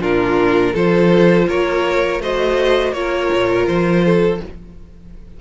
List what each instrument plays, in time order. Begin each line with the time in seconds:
0.00 cello A#2, viola D4, violin F4 A#4
0.73 cello F3, viola F4, violin A4 C5
1.48 cello A#3, violin A#4 C#5
2.19 cello A3, viola F#4, violin C5 D#5
2.92 cello A#3, viola F4, violin C#5
2.99 violin A#4
3.33 cello A#2
3.67 cello F3, violin C5
4.04 violin A4